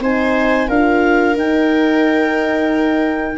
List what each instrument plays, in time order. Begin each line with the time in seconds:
0.00 tuba C4, horn D#4, viola C5, clarinet G#5
0.67 tuba D4, horn F4, viola A#4, clarinet F5
1.35 horn D#4, tuba D#4, clarinet G5